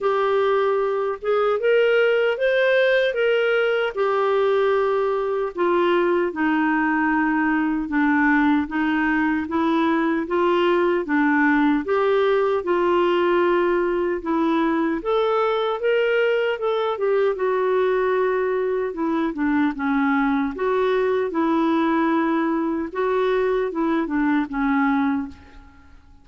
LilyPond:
\new Staff \with { instrumentName = "clarinet" } { \time 4/4 \tempo 4 = 76 g'4. gis'8 ais'4 c''4 | ais'4 g'2 f'4 | dis'2 d'4 dis'4 | e'4 f'4 d'4 g'4 |
f'2 e'4 a'4 | ais'4 a'8 g'8 fis'2 | e'8 d'8 cis'4 fis'4 e'4~ | e'4 fis'4 e'8 d'8 cis'4 | }